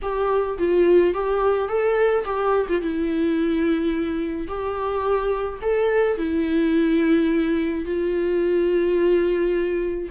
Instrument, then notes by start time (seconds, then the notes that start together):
viola
0.02 G4
0.58 F4
1.14 G4
1.68 A4
2.24 G4
2.69 F4
2.81 E4
4.47 G4
5.61 A4
6.17 E4
7.85 F4